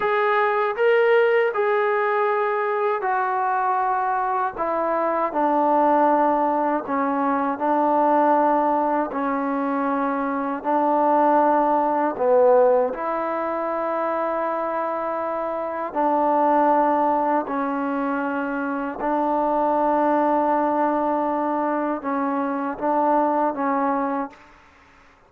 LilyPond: \new Staff \with { instrumentName = "trombone" } { \time 4/4 \tempo 4 = 79 gis'4 ais'4 gis'2 | fis'2 e'4 d'4~ | d'4 cis'4 d'2 | cis'2 d'2 |
b4 e'2.~ | e'4 d'2 cis'4~ | cis'4 d'2.~ | d'4 cis'4 d'4 cis'4 | }